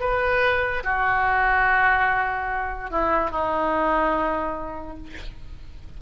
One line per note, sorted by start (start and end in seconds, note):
0.00 0.83 B4
0.84 2.91 F#4
2.91 3.31 E4
3.31 4.97 D#4